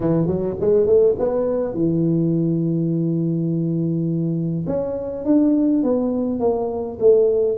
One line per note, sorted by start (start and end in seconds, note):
0.00 0.26 E3
0.26 0.55 F#3
0.60 0.86 G#3
0.86 1.15 A3
1.18 1.74 B3
1.74 4.65 E3
4.66 5.24 C#4
5.24 5.83 D4
5.83 6.39 B3
6.39 6.97 A#3
6.99 7.57 A3